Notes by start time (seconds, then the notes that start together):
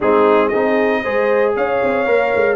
0.00 G#3 C4 D#4 G#4
0.48 C4 D#4 G#4 D#5
1.02 G#3 G#4 C5
1.55 C#4 C#5 F5
1.82 C4
2.06 A#3 A#4
2.35 G#3